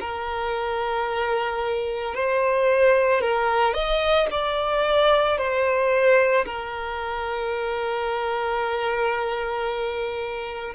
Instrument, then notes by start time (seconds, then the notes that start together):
violin
0.00 A#4
2.14 C5
3.20 A#4
3.74 D#5
4.31 D5
5.38 C5
6.45 A#4